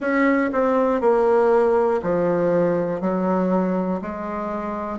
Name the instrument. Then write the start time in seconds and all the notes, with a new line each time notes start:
bassoon
0.00 C#4
0.52 C4
1.00 A#3
2.02 F3
3.00 F#3
4.01 G#3